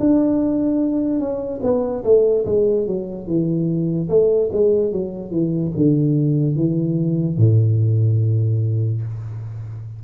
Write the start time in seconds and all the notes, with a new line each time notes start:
0.00 D4
1.20 C#4
1.63 B3
2.04 A3
2.46 G#3
2.87 F#3
3.27 E3
4.09 A3
4.53 G#3
4.92 F#3
5.31 E3
5.76 D3
6.56 E3
7.38 A2